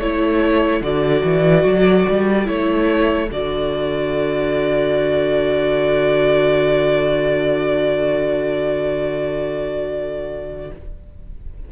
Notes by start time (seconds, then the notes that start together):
0.00 A3 E4 A4 C#5
0.82 D3 F#4 D5
1.24 E3
1.65 F#3
2.10 G3
2.45 A3 E4 C#5
3.31 D3 F#4 D5